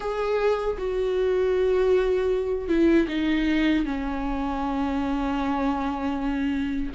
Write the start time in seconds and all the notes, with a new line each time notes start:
0.00 G#4
0.78 F#4
2.68 E4
3.08 D#4
3.85 C#4